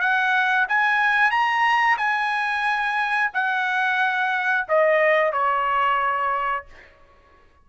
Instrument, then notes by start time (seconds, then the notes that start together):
trumpet
0.00 F#5
0.69 G#5
1.31 A#5
1.98 G#5
3.34 F#5
4.68 D#5
5.32 C#5